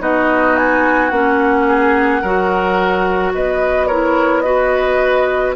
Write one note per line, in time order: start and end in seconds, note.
0.00 1.11 B3
0.00 1.11 D#4
0.00 1.67 F#4
0.00 0.56 D#5
0.56 1.10 G#5
1.10 2.22 A#3
1.10 2.23 C#4
1.10 3.32 F#5
1.67 2.22 G#4
2.22 3.34 F#3
2.22 3.91 F#4
2.22 3.33 A#4
3.34 5.56 B3
3.34 3.87 B4
3.34 3.87 D#5
3.87 4.44 E4
3.87 4.43 A#4
3.87 4.41 C#5
4.41 5.55 F#4
4.41 5.56 B4
4.41 5.52 D#5